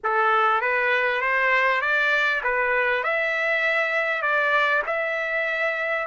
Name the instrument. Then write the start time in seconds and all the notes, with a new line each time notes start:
trumpet
0.03 A4
0.61 B4
1.21 C5
1.81 D5
2.43 B4
3.03 E5
4.21 D5
4.86 E5